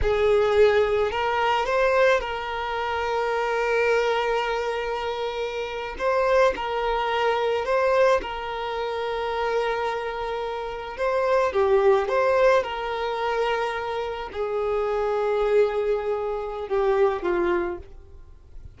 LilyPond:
\new Staff \with { instrumentName = "violin" } { \time 4/4 \tempo 4 = 108 gis'2 ais'4 c''4 | ais'1~ | ais'2~ ais'8. c''4 ais'16~ | ais'4.~ ais'16 c''4 ais'4~ ais'16~ |
ais'2.~ ais'8. c''16~ | c''8. g'4 c''4 ais'4~ ais'16~ | ais'4.~ ais'16 gis'2~ gis'16~ | gis'2 g'4 f'4 | }